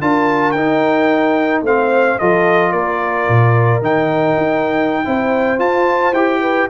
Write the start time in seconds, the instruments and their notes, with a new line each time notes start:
0.00 tuba D4, trombone F4, horn A#4, trumpet A5
0.51 tuba D#4, trombone D#4, trumpet G5
1.62 tuba A3, trombone C4, horn C5, trumpet F5
2.18 tuba F3, trombone F4, horn A4, trumpet D#5
2.71 tuba A#3, horn A#4, trumpet D5
3.28 tuba A#2
3.81 tuba D#3, trombone D#4, trumpet G5
4.37 tuba D#4
5.04 tuba C4, trombone E4, horn C5
5.58 trombone F4, tuba F4, trumpet A5
6.12 tuba E4, trombone G4, trumpet G5
6.41 horn B4